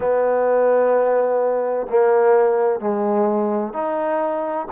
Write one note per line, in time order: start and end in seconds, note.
0.00 1.86 B3
1.89 2.80 A#3
2.80 3.73 G#3
3.73 4.67 D#4